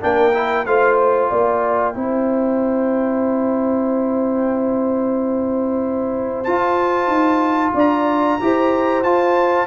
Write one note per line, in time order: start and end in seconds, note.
0.00 0.66 A#3
0.00 0.32 D4
0.00 0.67 A#4
0.00 0.65 G5
0.33 0.66 E4
0.65 1.31 A3
0.65 1.94 F4
0.65 1.30 C5
0.65 0.97 F5
0.97 6.44 G5
1.30 1.95 A#3
1.30 1.94 D5
1.94 6.47 C4
1.94 6.46 E4
1.94 7.74 C5
6.44 8.40 F4
6.44 7.07 F4
6.44 7.73 A5
7.07 7.71 D#4
7.74 8.38 D4
7.74 8.38 D5
7.74 9.03 A#5
8.40 9.04 E4
8.40 9.04 G4
8.40 9.67 C5
9.03 9.67 F4
9.03 9.67 A5